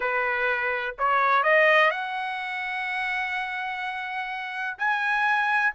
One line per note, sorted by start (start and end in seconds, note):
0.00 0.95 B4
0.98 1.43 C#5
1.43 1.90 D#5
1.90 4.76 F#5
4.77 5.73 G#5